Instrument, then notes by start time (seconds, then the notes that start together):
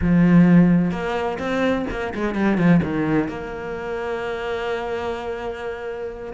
cello
0.01 F3
0.91 A#3
1.38 C4
1.90 A#3
2.14 G#3
2.34 G3
2.57 F3
2.83 D#3
3.28 A#3